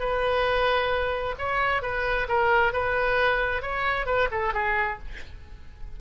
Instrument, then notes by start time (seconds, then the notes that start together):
oboe
0.00 B4
1.39 C#5
1.83 B4
2.29 A#4
2.73 B4
3.63 C#5
4.06 B4
4.32 A4
4.54 G#4